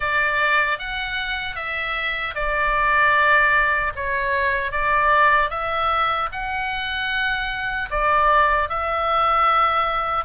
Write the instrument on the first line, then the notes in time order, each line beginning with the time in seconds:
oboe
0.00 D5
0.79 F#5
1.55 E5
2.34 D5
3.95 C#5
4.71 D5
5.50 E5
6.32 F#5
7.90 D5
8.69 E5